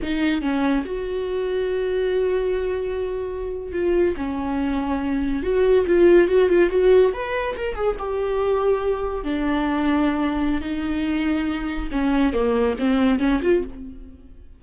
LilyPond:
\new Staff \with { instrumentName = "viola" } { \time 4/4 \tempo 4 = 141 dis'4 cis'4 fis'2~ | fis'1~ | fis'8. f'4 cis'2~ cis'16~ | cis'8. fis'4 f'4 fis'8 f'8 fis'16~ |
fis'8. b'4 ais'8 gis'8 g'4~ g'16~ | g'4.~ g'16 d'2~ d'16~ | d'4 dis'2. | cis'4 ais4 c'4 cis'8 f'8 | }